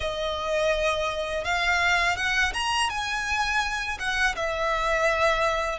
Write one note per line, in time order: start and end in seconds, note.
0.00 1.44 D#5
1.44 2.16 F5
2.16 2.52 F#5
2.53 2.89 A#5
2.89 3.98 G#5
3.99 4.35 F#5
4.35 5.78 E5